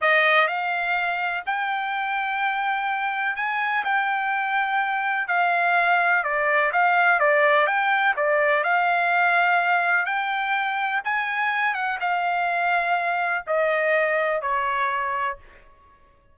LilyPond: \new Staff \with { instrumentName = "trumpet" } { \time 4/4 \tempo 4 = 125 dis''4 f''2 g''4~ | g''2. gis''4 | g''2. f''4~ | f''4 d''4 f''4 d''4 |
g''4 d''4 f''2~ | f''4 g''2 gis''4~ | gis''8 fis''8 f''2. | dis''2 cis''2 | }